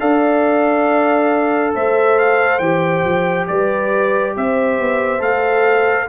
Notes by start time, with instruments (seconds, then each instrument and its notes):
0.00 tuba D4, trombone A4, horn D5, trumpet F5
1.74 tuba A3, horn C5, trumpet E5
2.19 trumpet F5
2.59 tuba E3, trombone G4, trumpet G5
3.04 tuba F3
3.48 tuba G3, horn B4, trumpet D5
4.36 tuba C4, horn C5, trumpet E5
4.80 tuba B3
5.19 tuba A3, trombone A4, trumpet F5